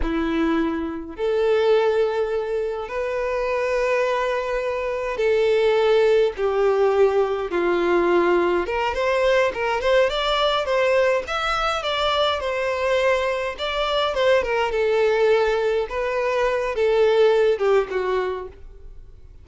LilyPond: \new Staff \with { instrumentName = "violin" } { \time 4/4 \tempo 4 = 104 e'2 a'2~ | a'4 b'2.~ | b'4 a'2 g'4~ | g'4 f'2 ais'8 c''8~ |
c''8 ais'8 c''8 d''4 c''4 e''8~ | e''8 d''4 c''2 d''8~ | d''8 c''8 ais'8 a'2 b'8~ | b'4 a'4. g'8 fis'4 | }